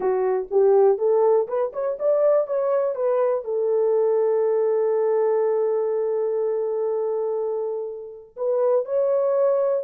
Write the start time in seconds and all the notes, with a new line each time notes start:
0.00 F#4
0.50 G4
0.98 A4
1.47 B4
1.72 C#5
1.99 D5
2.47 C#5
2.95 B4
3.44 A4
8.36 B4
8.85 C#5